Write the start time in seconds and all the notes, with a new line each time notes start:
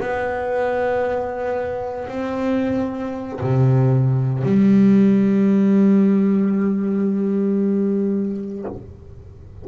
0.00 B3
2.08 C4
3.41 C3
4.43 G3